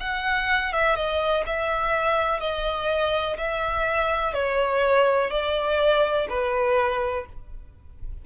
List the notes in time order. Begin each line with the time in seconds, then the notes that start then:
0.00 F#5
0.73 E5
0.95 D#5
1.46 E5
2.40 D#5
3.37 E5
4.33 C#5
5.30 D5
6.29 B4